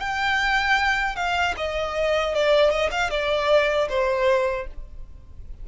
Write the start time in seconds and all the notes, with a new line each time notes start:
0.00 G5
1.16 F5
1.58 D#5
2.35 D5
2.71 D#5
2.91 F5
3.10 D5
3.89 C5